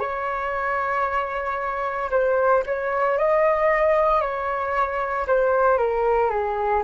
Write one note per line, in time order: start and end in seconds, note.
0.00 2.11 C#5
2.11 2.64 C5
2.67 3.19 C#5
3.19 4.22 D#5
4.22 5.27 C#5
5.28 5.78 C5
5.78 6.30 A#4
6.30 6.83 G#4